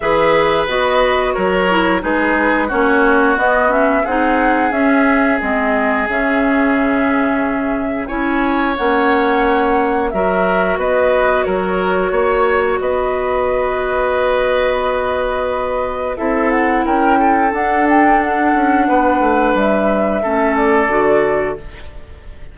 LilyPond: <<
  \new Staff \with { instrumentName = "flute" } { \time 4/4 \tempo 4 = 89 e''4 dis''4 cis''4 b'4 | cis''4 dis''8 e''8 fis''4 e''4 | dis''4 e''2. | gis''4 fis''2 e''4 |
dis''4 cis''2 dis''4~ | dis''1 | e''8 fis''8 g''4 fis''8 g''8 fis''4~ | fis''4 e''4. d''4. | }
  \new Staff \with { instrumentName = "oboe" } { \time 4/4 b'2 ais'4 gis'4 | fis'2 gis'2~ | gis'1 | cis''2. ais'4 |
b'4 ais'4 cis''4 b'4~ | b'1 | a'4 ais'8 a'2~ a'8 | b'2 a'2 | }
  \new Staff \with { instrumentName = "clarinet" } { \time 4/4 gis'4 fis'4. e'8 dis'4 | cis'4 b8 cis'8 dis'4 cis'4 | c'4 cis'2. | e'4 cis'2 fis'4~ |
fis'1~ | fis'1 | e'2 d'2~ | d'2 cis'4 fis'4 | }
  \new Staff \with { instrumentName = "bassoon" } { \time 4/4 e4 b4 fis4 gis4 | ais4 b4 c'4 cis'4 | gis4 cis2. | cis'4 ais2 fis4 |
b4 fis4 ais4 b4~ | b1 | c'4 cis'4 d'4. cis'8 | b8 a8 g4 a4 d4 | }
>>